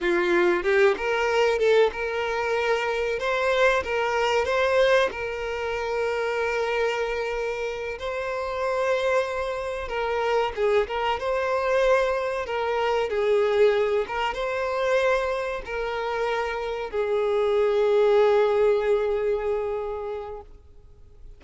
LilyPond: \new Staff \with { instrumentName = "violin" } { \time 4/4 \tempo 4 = 94 f'4 g'8 ais'4 a'8 ais'4~ | ais'4 c''4 ais'4 c''4 | ais'1~ | ais'8 c''2. ais'8~ |
ais'8 gis'8 ais'8 c''2 ais'8~ | ais'8 gis'4. ais'8 c''4.~ | c''8 ais'2 gis'4.~ | gis'1 | }